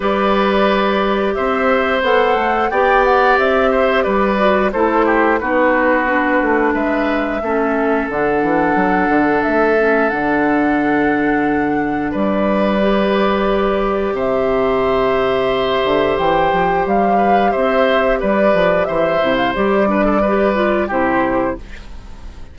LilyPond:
<<
  \new Staff \with { instrumentName = "flute" } { \time 4/4 \tempo 4 = 89 d''2 e''4 fis''4 | g''8 fis''8 e''4 d''4 c''4 | b'2 e''2 | fis''2 e''4 fis''4~ |
fis''2 d''2~ | d''4 e''2. | g''4 f''4 e''4 d''4 | e''8. f''16 d''2 c''4 | }
  \new Staff \with { instrumentName = "oboe" } { \time 4/4 b'2 c''2 | d''4. c''8 b'4 a'8 g'8 | fis'2 b'4 a'4~ | a'1~ |
a'2 b'2~ | b'4 c''2.~ | c''4. b'8 c''4 b'4 | c''4. b'16 a'16 b'4 g'4 | }
  \new Staff \with { instrumentName = "clarinet" } { \time 4/4 g'2. a'4 | g'2~ g'8 fis'8 e'4 | dis'4 d'2 cis'4 | d'2~ d'8 cis'8 d'4~ |
d'2. g'4~ | g'1~ | g'1~ | g'8 e'8 g'8 d'8 g'8 f'8 e'4 | }
  \new Staff \with { instrumentName = "bassoon" } { \time 4/4 g2 c'4 b8 a8 | b4 c'4 g4 a4 | b4. a8 gis4 a4 | d8 e8 fis8 d8 a4 d4~ |
d2 g2~ | g4 c2~ c8 d8 | e8 f8 g4 c'4 g8 f8 | e8 c8 g2 c4 | }
>>